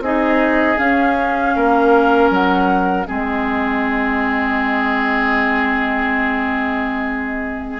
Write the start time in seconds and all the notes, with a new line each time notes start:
0.00 C4 D#4 G#4 D#5
0.77 C#4 F5
1.55 A#3 A#4
2.30 F#3 F#5
3.04 G#3 C4 G#4 D#5